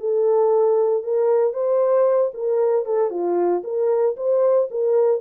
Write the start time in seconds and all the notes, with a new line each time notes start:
0.00 A4
1.04 A#4
1.53 C5
2.34 A#4
2.86 A4
3.11 F4
3.64 A#4
4.17 C5
4.71 A#4